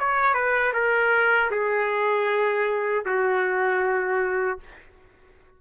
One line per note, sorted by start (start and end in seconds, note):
0.00 0.35 C#5
0.35 0.73 B4
0.74 1.51 A#4
1.51 3.05 G#4
3.06 4.60 F#4